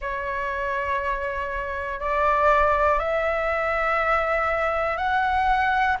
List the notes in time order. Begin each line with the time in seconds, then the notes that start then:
0.01 C#5
2.00 D5
2.99 E5
4.97 F#5